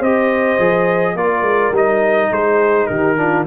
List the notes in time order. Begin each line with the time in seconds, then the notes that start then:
0.00 C4 G4 C5 D#5
0.59 F3 G#4
1.16 A#3 F4 A#4 D5
1.42 G#3
1.72 G3 D#4 D#5
2.31 G#3 G#4 C5
2.87 D#3 G4 A#4
3.17 D4 F4